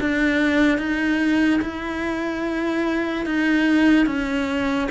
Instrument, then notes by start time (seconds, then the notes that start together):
cello
0.00 D4
0.78 D#4
1.61 E4
3.26 D#4
4.06 C#4